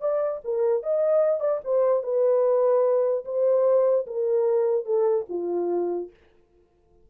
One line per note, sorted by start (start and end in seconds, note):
0.00 0.41 D5
0.44 0.83 A#4
0.83 1.40 D#5
1.40 1.60 D5
1.64 2.03 C5
2.03 3.24 B4
3.25 4.06 C5
4.06 4.85 A#4
4.85 5.26 A4
5.29 6.10 F4